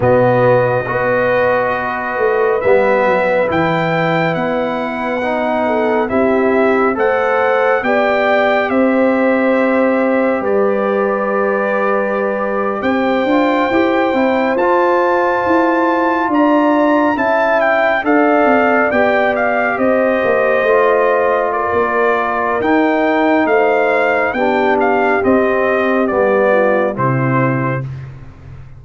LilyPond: <<
  \new Staff \with { instrumentName = "trumpet" } { \time 4/4 \tempo 4 = 69 dis''2. e''4 | g''4 fis''2 e''4 | fis''4 g''4 e''2 | d''2~ d''8. g''4~ g''16~ |
g''8. a''2 ais''4 a''16~ | a''16 g''8 f''4 g''8 f''8 dis''4~ dis''16~ | dis''8. d''4~ d''16 g''4 f''4 | g''8 f''8 dis''4 d''4 c''4 | }
  \new Staff \with { instrumentName = "horn" } { \time 4/4 fis'4 b'2.~ | b'2~ b'8 a'8 g'4 | c''4 d''4 c''2 | b'2~ b'8. c''4~ c''16~ |
c''2~ c''8. d''4 e''16~ | e''8. d''2 c''4~ c''16~ | c''8. ais'2~ ais'16 c''4 | g'2~ g'8 f'8 e'4 | }
  \new Staff \with { instrumentName = "trombone" } { \time 4/4 b4 fis'2 b4 | e'2 dis'4 e'4 | a'4 g'2.~ | g'2.~ g'16 f'8 g'16~ |
g'16 e'8 f'2. e'16~ | e'8. a'4 g'2 f'16~ | f'2 dis'2 | d'4 c'4 b4 c'4 | }
  \new Staff \with { instrumentName = "tuba" } { \time 4/4 b,4 b4. a8 g8 fis8 | e4 b2 c'4 | a4 b4 c'2 | g2~ g8. c'8 d'8 e'16~ |
e'16 c'8 f'4 e'4 d'4 cis'16~ | cis'8. d'8 c'8 b4 c'8 ais8 a16~ | a4 ais4 dis'4 a4 | b4 c'4 g4 c4 | }
>>